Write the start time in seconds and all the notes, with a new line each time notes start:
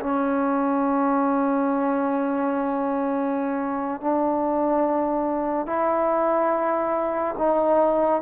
0.00 C#4
4.01 D4
5.67 E4
7.38 D#4